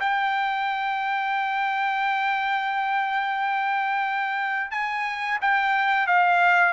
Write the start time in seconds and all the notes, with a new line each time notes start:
0.00 G5
4.71 G#5
5.41 G5
6.07 F5